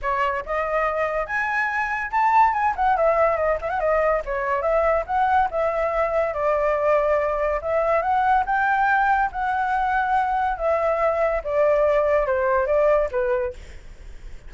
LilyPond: \new Staff \with { instrumentName = "flute" } { \time 4/4 \tempo 4 = 142 cis''4 dis''2 gis''4~ | gis''4 a''4 gis''8 fis''8 e''4 | dis''8 e''16 fis''16 dis''4 cis''4 e''4 | fis''4 e''2 d''4~ |
d''2 e''4 fis''4 | g''2 fis''2~ | fis''4 e''2 d''4~ | d''4 c''4 d''4 b'4 | }